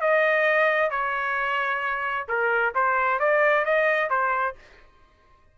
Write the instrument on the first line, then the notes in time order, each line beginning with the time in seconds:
trumpet
0.00 D#5
0.90 C#5
2.28 A#4
2.74 C5
3.19 D5
3.65 D#5
4.10 C5